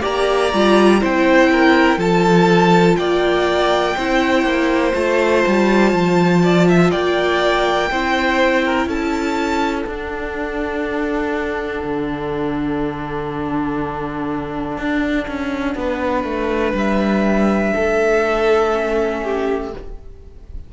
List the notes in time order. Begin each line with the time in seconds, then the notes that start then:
0.00 A#3 G4 D5 A#5
0.53 G3 F4
1.00 C4 E4 C5 G5
1.52 A#4
1.97 F3 F4 A4 A5
2.96 A#3 D5 G5
3.96 C4 E4 C5
4.43 A#3
4.93 A3 F4 A5
5.47 G3
5.93 F3
6.43 D5
6.68 E5
6.90 A#3 D5 G5
7.90 C4 E4 C5
8.65 A#4
8.86 C#4 A4 A5
9.82 D4 F#5
9.89 D4
11.84 D3
14.77 D4
15.27 C#4
15.75 B3 B4
16.24 A3
16.74 G3 E5
17.73 A3 A4
18.71 C#4
19.23 G4